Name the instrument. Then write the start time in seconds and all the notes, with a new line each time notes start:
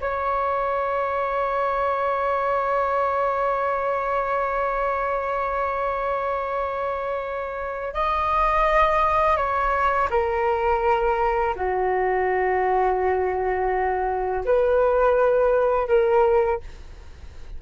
flute
0.00 C#5
7.94 D#5
9.36 C#5
10.10 A#4
11.55 F#4
14.44 B4
15.87 A#4